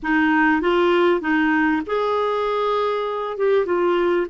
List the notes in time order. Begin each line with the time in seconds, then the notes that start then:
0.03 D#4
0.61 F4
1.20 D#4
1.86 G#4
3.37 G4
3.65 F4